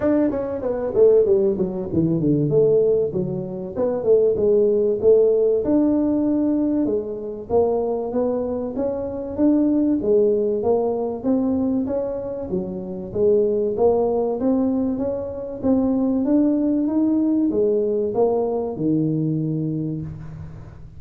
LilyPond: \new Staff \with { instrumentName = "tuba" } { \time 4/4 \tempo 4 = 96 d'8 cis'8 b8 a8 g8 fis8 e8 d8 | a4 fis4 b8 a8 gis4 | a4 d'2 gis4 | ais4 b4 cis'4 d'4 |
gis4 ais4 c'4 cis'4 | fis4 gis4 ais4 c'4 | cis'4 c'4 d'4 dis'4 | gis4 ais4 dis2 | }